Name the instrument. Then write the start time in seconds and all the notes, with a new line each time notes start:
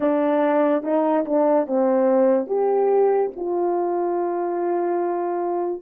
horn
0.00 D4
0.83 D#4
1.25 D4
1.66 C4
2.47 G4
3.35 F4